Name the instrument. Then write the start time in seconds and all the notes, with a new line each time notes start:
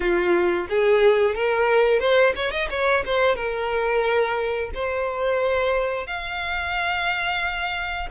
violin
0.00 F4
0.69 G#4
1.35 A#4
1.99 C5
2.35 C#5
2.51 D#5
2.70 C#5
3.05 C5
3.35 A#4
4.74 C5
6.06 F5